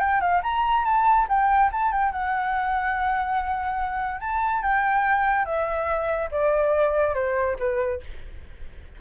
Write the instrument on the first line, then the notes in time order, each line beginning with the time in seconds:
flute
0.00 G5
0.21 F5
0.43 A#5
0.85 A5
1.29 G5
1.72 A5
1.92 G5
2.12 F#5
4.21 A5
4.62 G5
5.45 E5
6.31 D5
7.15 C5
7.59 B4